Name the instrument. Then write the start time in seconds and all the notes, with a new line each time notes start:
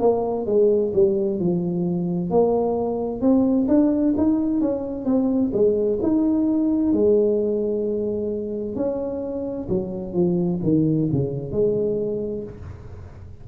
tuba
0.00 A#3
0.47 G#3
0.94 G3
1.40 F3
2.31 A#3
3.21 C4
3.68 D4
4.17 D#4
4.61 C#4
5.06 C4
5.53 G#3
6.03 D#4
6.93 G#3
8.76 C#4
9.69 F#3
10.14 F3
10.63 D#3
11.12 C#3
11.52 G#3